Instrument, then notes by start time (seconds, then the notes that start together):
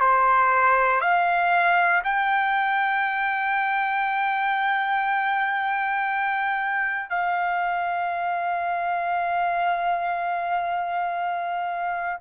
trumpet
0.00 C5
1.00 F5
2.04 G5
7.10 F5